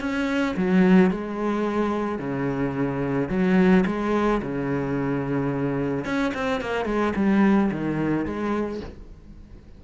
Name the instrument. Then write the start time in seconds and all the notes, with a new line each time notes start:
cello
0.00 C#4
0.57 F#3
1.11 G#3
2.19 C#3
3.29 F#3
3.86 G#3
4.42 C#3
6.05 C#4
6.34 C4
6.61 A#3
6.85 G#3
7.16 G3
7.71 D#3
8.25 G#3